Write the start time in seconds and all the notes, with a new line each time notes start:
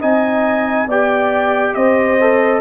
0.00 C4 D#4 D#5 G#5
0.88 B3 G4 D5 G5
1.75 C4 C5 D#5
2.21 A4